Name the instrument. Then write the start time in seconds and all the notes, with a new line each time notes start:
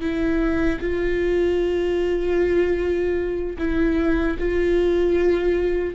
viola
0.00 E4
0.80 F4
3.58 E4
4.39 F4